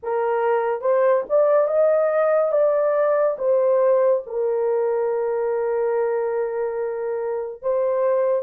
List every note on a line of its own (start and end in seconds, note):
0.02 0.81 A#4
0.81 1.23 C5
1.29 1.67 D5
1.67 2.52 D#5
2.52 3.36 D5
3.38 4.23 C5
4.26 7.62 A#4
7.62 8.42 C5